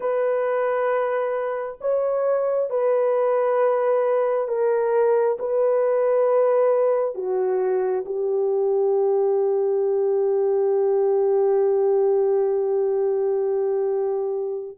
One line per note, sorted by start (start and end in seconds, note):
0.00 1.78 B4
1.80 2.69 C#5
2.69 4.48 B4
4.48 5.37 A#4
5.39 7.14 B4
7.14 8.04 F#4
8.05 14.77 G4